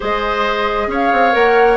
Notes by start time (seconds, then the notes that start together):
0.00 G#3 G#4 C5 D#5
0.87 C#4 C#5 F5
1.12 C4
1.32 A#3 A#4 F#5